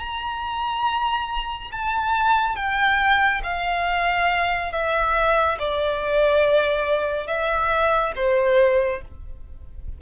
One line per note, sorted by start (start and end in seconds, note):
0.00 1.71 A#5
1.72 2.56 A5
2.56 3.42 G5
3.44 4.73 F5
4.73 5.59 E5
5.60 7.27 D5
7.27 8.13 E5
8.16 9.02 C5